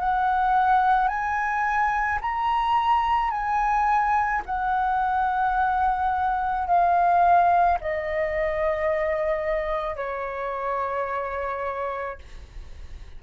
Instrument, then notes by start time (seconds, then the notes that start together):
flute
0.00 F#5
1.08 G#5
2.22 A#5
3.31 G#5
4.46 F#5
6.67 F5
7.81 D#5
9.96 C#5